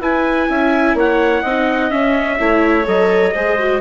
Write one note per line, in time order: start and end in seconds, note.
0.00 0.48 E4
0.00 1.46 E4
0.00 0.49 B4
0.00 0.97 G#5
0.49 0.94 C#4
0.49 0.96 E5
0.94 1.41 A#3
0.94 1.42 C#5
0.94 1.90 F#5
1.42 1.91 C4
1.42 1.90 D#4
1.42 2.37 D#5
1.90 2.38 C#4
1.90 2.39 C#4
1.90 2.86 E5
2.38 2.87 A3
2.38 2.84 E4
2.38 3.33 C#5
2.84 3.34 F#3
2.84 3.32 A4
2.84 3.81 D#5
3.33 3.81 G#3
3.33 3.58 G#4
3.33 3.81 C5
3.58 3.81 F#4